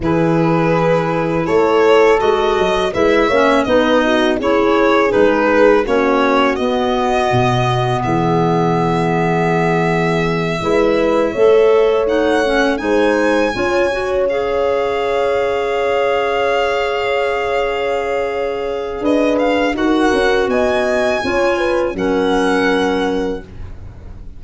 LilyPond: <<
  \new Staff \with { instrumentName = "violin" } { \time 4/4 \tempo 4 = 82 b'2 cis''4 dis''4 | e''4 dis''4 cis''4 b'4 | cis''4 dis''2 e''4~ | e''1~ |
e''8 fis''4 gis''2 f''8~ | f''1~ | f''2 dis''8 f''8 fis''4 | gis''2 fis''2 | }
  \new Staff \with { instrumentName = "horn" } { \time 4/4 gis'2 a'2 | b'8 cis''8 b'8 fis'8 gis'2 | fis'2. gis'4~ | gis'2~ gis'8 b'4 cis''8~ |
cis''4. c''4 cis''4.~ | cis''1~ | cis''2 b'4 ais'4 | dis''4 cis''8 b'8 ais'2 | }
  \new Staff \with { instrumentName = "clarinet" } { \time 4/4 e'2. fis'4 | e'8 cis'8 dis'4 e'4 dis'4 | cis'4 b2.~ | b2~ b8 e'4 a'8~ |
a'8 dis'8 cis'8 dis'4 f'8 fis'8 gis'8~ | gis'1~ | gis'2. fis'4~ | fis'4 f'4 cis'2 | }
  \new Staff \with { instrumentName = "tuba" } { \time 4/4 e2 a4 gis8 fis8 | gis8 ais8 b4 cis'4 gis4 | ais4 b4 b,4 e4~ | e2~ e8 gis4 a8~ |
a4. gis4 cis'4.~ | cis'1~ | cis'2 d'4 dis'8 cis'8 | b4 cis'4 fis2 | }
>>